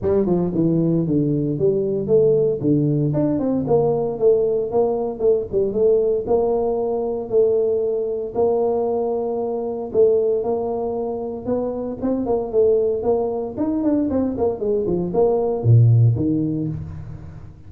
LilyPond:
\new Staff \with { instrumentName = "tuba" } { \time 4/4 \tempo 4 = 115 g8 f8 e4 d4 g4 | a4 d4 d'8 c'8 ais4 | a4 ais4 a8 g8 a4 | ais2 a2 |
ais2. a4 | ais2 b4 c'8 ais8 | a4 ais4 dis'8 d'8 c'8 ais8 | gis8 f8 ais4 ais,4 dis4 | }